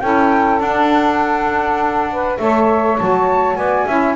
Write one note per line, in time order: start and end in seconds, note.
0.00 0.60 C#4
0.00 0.61 E4
0.00 2.10 A4
0.00 0.59 G5
0.60 2.38 D4
0.60 2.39 D4
0.60 2.37 F#5
2.11 2.39 B4
2.37 2.99 A3
2.37 2.98 A4
2.37 3.57 C#5
2.37 2.97 E5
2.98 3.56 F#3
2.98 3.88 F#4
2.98 3.56 A5
3.56 3.86 B3
3.56 3.86 D5
3.56 4.15 G#5
3.86 4.16 C#4
3.86 4.16 E4
3.86 4.16 E5